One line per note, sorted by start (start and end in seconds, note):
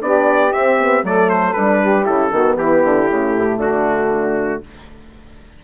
0.00 0.53 B3
0.00 0.51 D4
0.00 1.05 G4
0.00 0.52 D5
0.52 0.78 C4
0.52 1.03 C4
0.52 1.04 E5
0.80 1.02 B3
1.02 1.54 F#3
1.02 1.54 A3
1.02 1.80 A4
1.02 1.29 D5
1.29 1.53 C5
1.53 2.08 G3
1.53 2.04 D4
1.53 2.04 B4
1.80 2.32 G4
2.04 2.31 C#3
2.04 2.30 E4
2.04 2.57 A4
2.30 2.57 D#3
2.30 3.07 B3
2.30 2.57 F#4
2.57 2.83 E3
2.57 3.60 E4
2.57 3.60 G4
2.84 3.10 D3
3.10 3.36 C#3
3.10 4.64 A3
3.36 3.57 A2
3.57 4.59 D3
3.57 4.62 D4
3.57 4.63 F#4